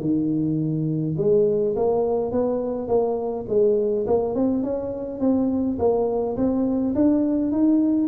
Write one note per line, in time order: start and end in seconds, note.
0.00 1.15 D#3
1.17 1.75 G#3
1.76 2.32 A#3
2.32 2.88 B3
2.88 3.46 A#3
3.48 4.06 G#3
4.06 4.34 A#3
4.34 4.63 C4
4.63 5.20 C#4
5.20 5.78 C4
5.78 6.36 A#3
6.37 6.94 C4
6.95 7.51 D4
7.51 8.07 D#4